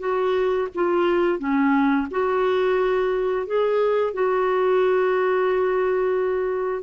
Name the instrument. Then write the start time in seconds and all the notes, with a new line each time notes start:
clarinet
0.00 F#4
0.75 F4
1.39 C#4
2.11 F#4
3.46 G#4
4.14 F#4